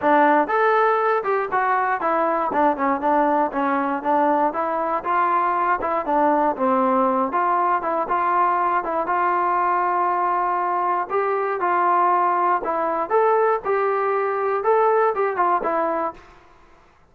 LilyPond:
\new Staff \with { instrumentName = "trombone" } { \time 4/4 \tempo 4 = 119 d'4 a'4. g'8 fis'4 | e'4 d'8 cis'8 d'4 cis'4 | d'4 e'4 f'4. e'8 | d'4 c'4. f'4 e'8 |
f'4. e'8 f'2~ | f'2 g'4 f'4~ | f'4 e'4 a'4 g'4~ | g'4 a'4 g'8 f'8 e'4 | }